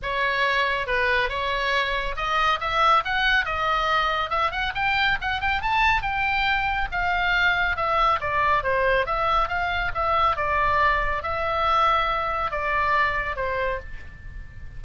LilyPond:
\new Staff \with { instrumentName = "oboe" } { \time 4/4 \tempo 4 = 139 cis''2 b'4 cis''4~ | cis''4 dis''4 e''4 fis''4 | dis''2 e''8 fis''8 g''4 | fis''8 g''8 a''4 g''2 |
f''2 e''4 d''4 | c''4 e''4 f''4 e''4 | d''2 e''2~ | e''4 d''2 c''4 | }